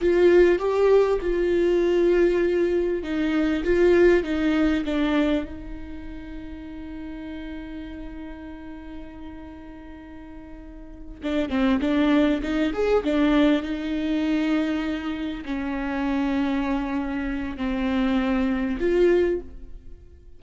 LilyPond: \new Staff \with { instrumentName = "viola" } { \time 4/4 \tempo 4 = 99 f'4 g'4 f'2~ | f'4 dis'4 f'4 dis'4 | d'4 dis'2.~ | dis'1~ |
dis'2~ dis'8 d'8 c'8 d'8~ | d'8 dis'8 gis'8 d'4 dis'4.~ | dis'4. cis'2~ cis'8~ | cis'4 c'2 f'4 | }